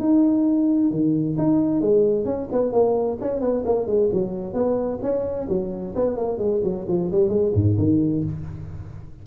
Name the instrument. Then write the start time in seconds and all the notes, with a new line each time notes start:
tuba
0.00 D#4
0.92 D#3
1.38 D#4
1.81 G#3
2.26 C#4
2.52 B3
2.73 A#3
3.21 C#4
3.41 B3
3.66 A#3
3.87 G#3
4.13 F#3
4.54 B3
5.03 C#4
5.49 F#3
5.96 B3
6.17 A#3
6.39 G#3
6.64 F#3
6.88 F3
7.12 G3
7.30 G#3
7.55 G#2
7.79 D#3